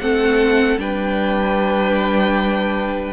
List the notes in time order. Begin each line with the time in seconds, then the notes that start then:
0.00 A3 C4 A4 F#5
0.77 G3 D4 B4 G5